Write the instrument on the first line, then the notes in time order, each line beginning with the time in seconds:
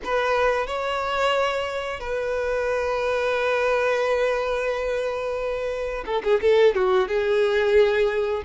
violin
0.03 B4
0.66 C#5
1.99 B4
6.05 A4
6.23 G#4
6.41 A4
6.74 F#4
7.08 G#4